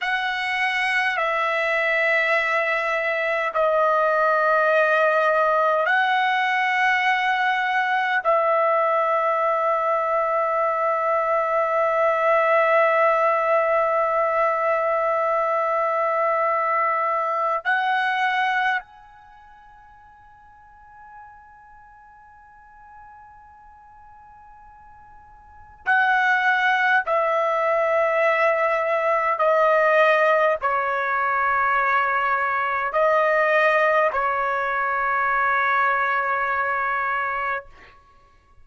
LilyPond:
\new Staff \with { instrumentName = "trumpet" } { \time 4/4 \tempo 4 = 51 fis''4 e''2 dis''4~ | dis''4 fis''2 e''4~ | e''1~ | e''2. fis''4 |
gis''1~ | gis''2 fis''4 e''4~ | e''4 dis''4 cis''2 | dis''4 cis''2. | }